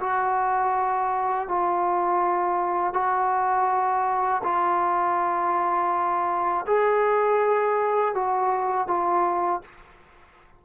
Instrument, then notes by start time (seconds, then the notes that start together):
trombone
0.00 F#4
1.48 F4
2.94 F#4
4.43 F4
6.67 G#4
8.15 F#4
8.88 F4